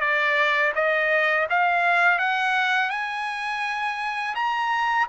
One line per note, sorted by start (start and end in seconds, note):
0.00 0.72 D5
0.75 1.47 D#5
1.50 2.19 F5
2.19 2.90 F#5
2.90 4.34 G#5
4.35 5.07 A#5